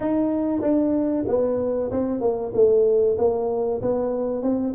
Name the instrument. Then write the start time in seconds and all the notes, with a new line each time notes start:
tuba
0.00 D#4
0.61 D4
1.27 B3
1.91 C4
2.20 A#3
2.54 A3
3.18 A#3
3.81 B3
4.42 C4